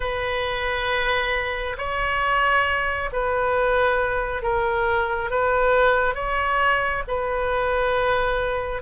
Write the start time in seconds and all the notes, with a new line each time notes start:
0.00 B4
1.77 C#5
3.12 B4
4.42 A#4
5.30 B4
6.14 C#5
7.07 B4